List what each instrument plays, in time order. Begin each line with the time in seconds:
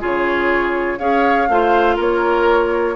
0.00 bassoon C#3, clarinet F4, oboe G#4, flute C#5
0.99 bassoon C#4, clarinet G#4, oboe C#5, flute F5
1.49 bassoon A3, clarinet F4, oboe C5
1.96 bassoon A#3, oboe A#4, flute C#5